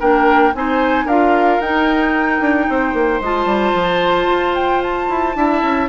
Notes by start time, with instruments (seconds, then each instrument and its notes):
0.00 bassoon A#3, clarinet D4, oboe A#4, flute G5
0.54 bassoon C4, clarinet D#4, oboe C5, flute G#5
1.05 bassoon D4, clarinet F4, oboe A#4, flute F5
1.60 bassoon D#4, clarinet D#4, flute G5
2.41 bassoon D4
2.70 bassoon C4, oboe C5
2.94 bassoon A#3
3.21 bassoon G#3, clarinet F4, flute A5
3.46 bassoon G3
3.74 bassoon F3
4.27 bassoon F4
4.55 flute G5
4.83 flute A5
5.09 bassoon E4
5.35 bassoon D4, clarinet E4, oboe E5
5.62 bassoon C#4